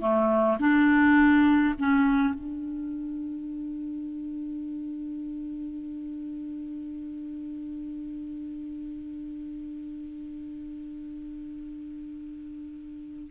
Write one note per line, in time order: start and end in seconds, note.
0.00 0.58 A3
0.59 1.75 D4
1.79 2.34 C#4
2.34 13.31 D4